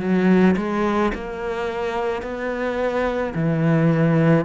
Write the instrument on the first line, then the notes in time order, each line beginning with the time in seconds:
cello
0.00 F#3
0.57 G#3
1.14 A#3
2.22 B3
3.35 E3